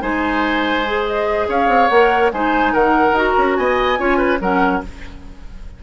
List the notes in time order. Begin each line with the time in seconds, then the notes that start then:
0.00 G#3 D#4 C5 G#5
0.85 G#4
1.06 D#5
1.48 C#4 C#5 F5
1.68 C4
1.88 A#3 A#4 F#5
2.32 G#3 D#4 C5 G#5
2.73 D#3 A#4 F#5
3.12 D#4 F#4 A#5
3.37 C#4
3.56 B3 D#5 G#5
3.97 C#4 F4 C#5
4.17 B4
4.40 F#3 C#4 A#4 F#5